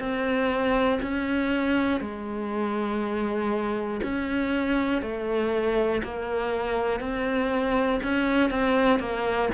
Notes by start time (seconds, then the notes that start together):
0.00 C4
1.02 C#4
2.01 G#3
4.04 C#4
5.02 A3
6.04 A#3
7.01 C4
8.04 C#4
8.50 C4
9.00 A#3